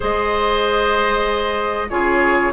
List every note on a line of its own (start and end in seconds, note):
0.00 1.91 G#3
0.00 1.89 G#4
0.00 1.87 C5
0.00 1.89 D#5
1.89 2.53 C#3
1.89 2.53 F4
1.89 2.53 G#4
1.89 2.52 C#5